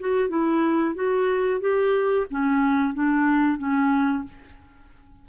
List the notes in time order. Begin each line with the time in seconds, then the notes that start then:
0.00 F#4
0.29 E4
0.95 F#4
1.61 G4
2.31 C#4
2.94 D4
3.59 C#4